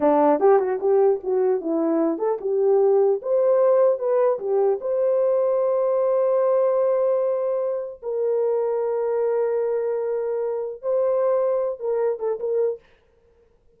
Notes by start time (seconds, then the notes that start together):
0.00 D4
0.40 G4
0.59 F#4
0.79 G4
1.23 F#4
1.60 E4
2.18 A4
2.40 G4
3.21 C5
3.98 B4
4.39 G4
4.81 C5
8.02 A#4
10.81 C5
11.79 A#4
12.19 A4
12.39 A#4